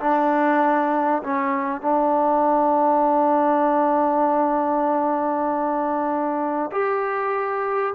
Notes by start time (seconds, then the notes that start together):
0.00 D4
1.23 C#4
1.81 D4
6.72 G4